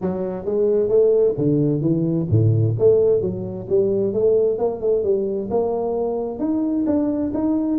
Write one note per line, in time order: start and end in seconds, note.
0.01 0.45 F#3
0.45 0.88 G#3
0.88 1.34 A3
1.37 1.81 D3
1.81 2.27 E3
2.29 2.75 A2
2.79 3.21 A3
3.21 3.66 F#3
3.69 4.13 G3
4.13 4.58 A3
4.58 4.80 A#3
4.80 5.03 A3
5.03 5.49 G3
5.50 6.39 A#3
6.39 6.85 D#4
6.86 7.32 D4
7.34 7.78 D#4